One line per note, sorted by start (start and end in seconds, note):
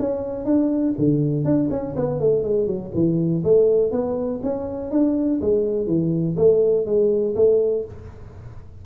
0.00 0.45 C#4
0.45 0.95 D4
0.99 1.45 D3
1.45 1.70 D4
1.71 1.95 C#4
1.96 2.20 B3
2.20 2.44 A3
2.44 2.67 G#3
2.67 2.92 F#3
2.94 3.44 E3
3.44 3.92 A3
3.92 4.41 B3
4.43 4.91 C#4
4.91 5.41 D4
5.41 5.87 G#3
5.87 6.36 E3
6.37 6.86 A3
6.86 7.35 G#3
7.36 7.85 A3